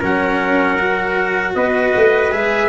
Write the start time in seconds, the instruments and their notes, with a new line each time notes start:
0.00 tuba F#3, cello C#4, trumpet A#4 F#5
0.79 cello F#4
1.55 tuba B3, trumpet B4 D#5
1.96 tuba A3
2.32 tuba G#3, cello G#4, trumpet E5